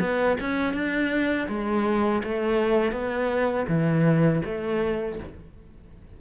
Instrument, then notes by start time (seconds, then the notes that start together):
cello
0.00 B3
0.40 C#4
0.73 D4
1.48 G#3
2.24 A3
2.92 B3
3.68 E3
4.45 A3